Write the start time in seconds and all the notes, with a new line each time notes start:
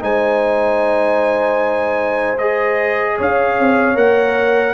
0.00 G#3 D#4 C5 G#5
2.38 G#4 D#5
3.17 C#4 C#5 F5
3.59 C4
3.95 A#3 A#4 F#5